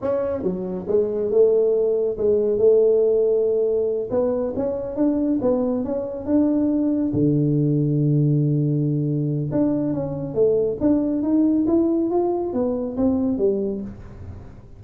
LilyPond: \new Staff \with { instrumentName = "tuba" } { \time 4/4 \tempo 4 = 139 cis'4 fis4 gis4 a4~ | a4 gis4 a2~ | a4. b4 cis'4 d'8~ | d'8 b4 cis'4 d'4.~ |
d'8 d2.~ d8~ | d2 d'4 cis'4 | a4 d'4 dis'4 e'4 | f'4 b4 c'4 g4 | }